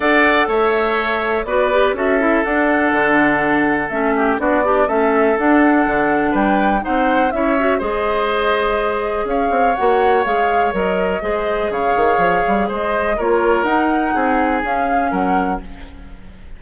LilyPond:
<<
  \new Staff \with { instrumentName = "flute" } { \time 4/4 \tempo 4 = 123 fis''4 e''2 d''4 | e''4 fis''2. | e''4 d''4 e''4 fis''4~ | fis''4 g''4 fis''4 e''4 |
dis''2. f''4 | fis''4 f''4 dis''2 | f''2 dis''4 cis''4 | fis''2 f''4 fis''4 | }
  \new Staff \with { instrumentName = "oboe" } { \time 4/4 d''4 cis''2 b'4 | a'1~ | a'8 g'8 fis'8 d'8 a'2~ | a'4 b'4 c''4 cis''4 |
c''2. cis''4~ | cis''2. c''4 | cis''2 c''4 ais'4~ | ais'4 gis'2 ais'4 | }
  \new Staff \with { instrumentName = "clarinet" } { \time 4/4 a'2. fis'8 g'8 | fis'8 e'8 d'2. | cis'4 d'8 g'8 cis'4 d'4~ | d'2 dis'4 e'8 fis'8 |
gis'1 | fis'4 gis'4 ais'4 gis'4~ | gis'2. f'4 | dis'2 cis'2 | }
  \new Staff \with { instrumentName = "bassoon" } { \time 4/4 d'4 a2 b4 | cis'4 d'4 d2 | a4 b4 a4 d'4 | d4 g4 c'4 cis'4 |
gis2. cis'8 c'8 | ais4 gis4 fis4 gis4 | cis8 dis8 f8 g8 gis4 ais4 | dis'4 c'4 cis'4 fis4 | }
>>